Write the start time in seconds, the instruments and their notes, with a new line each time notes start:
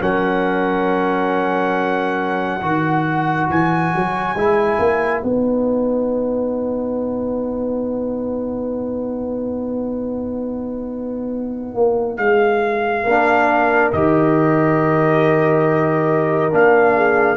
0.00 tuba F#3, trombone C#4, horn A#4, trumpet F#5
2.60 tuba D#3, trombone F#4, horn B4
3.50 tuba E3, trumpet G#5
3.95 tuba F#3
4.35 tuba G#3, trombone E4
4.79 tuba A#3
5.22 tuba B3, trombone D#4, trumpet F#5
11.75 tuba A#3
12.17 tuba G#3, trumpet F5
13.04 tuba A#3, trombone D4, horn A#4
13.93 tuba D#3, trombone G4, trumpet D#5
16.51 tuba A#3, trombone D4, trumpet F5
16.95 horn G#4